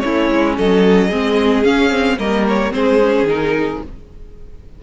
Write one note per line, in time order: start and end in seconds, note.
0.00 0.31 A3
0.00 1.11 C#4
0.00 0.58 E4
0.00 0.54 C#5
0.31 0.58 G#3
0.58 1.11 F#3
0.58 1.08 A4
0.58 1.64 D#5
1.08 1.64 G#3
1.08 1.65 C4
1.08 2.16 G#4
1.64 2.18 C#4
1.64 1.90 C#4
1.64 2.18 F5
1.90 2.17 C4
2.18 2.72 G3
2.18 2.72 A#3
2.18 2.73 A#4
2.18 2.46 D#5
2.49 2.73 C#5
2.72 3.23 G#3
2.72 2.99 C4
2.72 3.83 G#4
2.72 3.27 C5
3.01 3.28 C#4
3.23 3.77 D#3
3.23 3.82 D#4
3.29 3.83 A#4